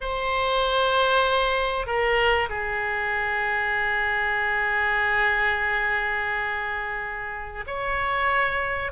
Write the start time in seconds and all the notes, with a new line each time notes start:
0.00 C5
1.86 A#4
2.49 G#4
7.66 C#5